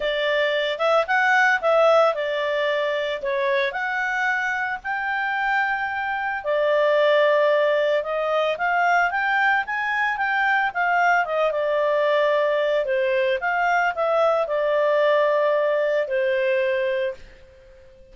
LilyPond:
\new Staff \with { instrumentName = "clarinet" } { \time 4/4 \tempo 4 = 112 d''4. e''8 fis''4 e''4 | d''2 cis''4 fis''4~ | fis''4 g''2. | d''2. dis''4 |
f''4 g''4 gis''4 g''4 | f''4 dis''8 d''2~ d''8 | c''4 f''4 e''4 d''4~ | d''2 c''2 | }